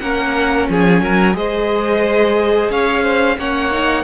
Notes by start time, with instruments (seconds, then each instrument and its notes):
0.00 cello A#3, viola C#4, violin A#4 F#5
0.69 cello F3, violin G#4 G#5
1.01 cello F#3, violin A#4
1.34 cello G#3, viola G#4, violin C5 D#5
2.70 cello C#4, violin C#5 F5
3.03 violin C5
3.37 cello A#3, viola C#4, violin C#5 F#5
3.71 viola D#4